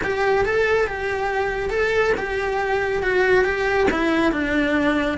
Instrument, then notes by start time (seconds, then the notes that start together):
cello
0.03 G4
0.45 A4
0.87 G4
1.70 A4
2.17 G4
3.03 F#4
3.44 G4
3.90 E4
4.32 D4